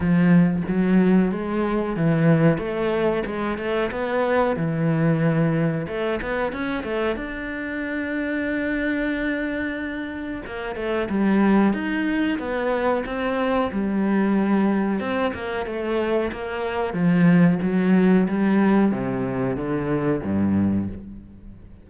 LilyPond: \new Staff \with { instrumentName = "cello" } { \time 4/4 \tempo 4 = 92 f4 fis4 gis4 e4 | a4 gis8 a8 b4 e4~ | e4 a8 b8 cis'8 a8 d'4~ | d'1 |
ais8 a8 g4 dis'4 b4 | c'4 g2 c'8 ais8 | a4 ais4 f4 fis4 | g4 c4 d4 g,4 | }